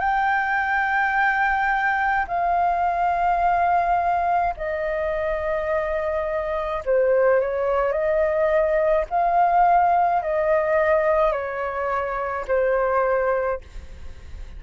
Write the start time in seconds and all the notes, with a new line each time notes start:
0.00 G5
2.28 F5
4.57 D#5
6.85 C5
7.41 C#5
7.92 D#5
9.10 F5
10.23 D#5
11.33 C#5
12.48 C5